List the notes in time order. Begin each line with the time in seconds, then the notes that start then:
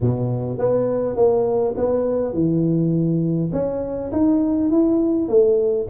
0.00 B2
0.58 B3
1.16 A#3
1.76 B3
2.33 E3
3.52 C#4
4.11 D#4
4.70 E4
5.28 A3